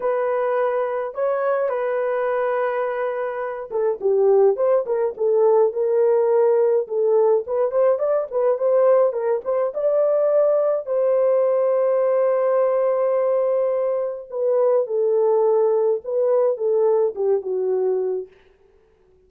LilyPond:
\new Staff \with { instrumentName = "horn" } { \time 4/4 \tempo 4 = 105 b'2 cis''4 b'4~ | b'2~ b'8 a'8 g'4 | c''8 ais'8 a'4 ais'2 | a'4 b'8 c''8 d''8 b'8 c''4 |
ais'8 c''8 d''2 c''4~ | c''1~ | c''4 b'4 a'2 | b'4 a'4 g'8 fis'4. | }